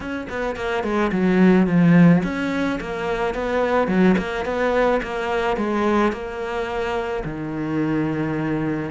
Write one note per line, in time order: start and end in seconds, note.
0.00 0.27 C#4
0.29 0.56 B3
0.56 0.83 A#3
0.83 1.11 G#3
1.12 1.67 F#3
1.67 2.22 F3
2.23 2.79 C#4
2.80 3.34 A#3
3.34 3.87 B3
3.87 4.15 F#3
4.18 4.45 A#3
4.45 5.00 B3
5.02 5.57 A#3
5.57 6.12 G#3
6.12 7.23 A#3
7.24 8.90 D#3